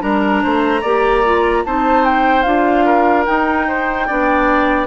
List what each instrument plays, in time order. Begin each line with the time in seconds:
0.00 bassoon G3, clarinet D4, oboe A#4, flute A#5
0.43 bassoon A3, oboe C5
0.81 bassoon A#3, clarinet G4, oboe D5
1.25 clarinet F4
1.65 bassoon C4, clarinet D#4, oboe C5, flute A5
2.05 flute G5
2.43 bassoon D4, clarinet F4, flute F5
2.85 oboe A#4
3.26 clarinet D#4, bassoon D#4, flute G5
3.68 oboe C5
4.07 bassoon B3, clarinet D4, oboe D5